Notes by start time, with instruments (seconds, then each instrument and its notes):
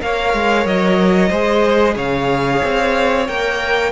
0.00 cello A#3, viola A#4, violin C#5 F5
0.34 cello G#3
0.65 cello F#3, violin D#5
1.29 cello G#3, viola G#4, violin C5
1.96 cello C#3, violin C#5 F5
2.64 cello C4
3.27 cello A#3, viola A#4, violin G5